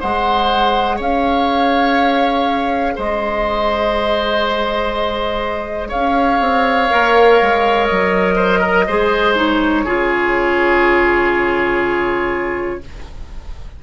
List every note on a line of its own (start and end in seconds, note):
0.00 1.00 G#3
0.00 6.89 G#4
0.00 0.97 C5
0.00 0.99 F#5
0.97 2.96 C#4
0.97 2.93 C#5
0.97 2.98 F5
2.96 5.93 G#3
2.96 5.89 C5
2.96 5.91 D#5
5.89 6.40 C#4
5.89 8.35 C#5
5.89 7.86 F5
6.40 6.89 C4
6.90 7.41 A#3
6.90 8.87 A#4
7.41 7.90 G#3
7.86 8.88 F#3
7.86 9.34 D#5
8.36 8.59 C5
8.59 8.84 A#4
8.87 9.85 G#3
8.87 9.36 G#4
8.87 9.85 C5
9.36 9.85 D#4
9.36 12.83 C#5
9.85 12.80 C#3
9.85 12.82 F4
9.85 12.80 G#4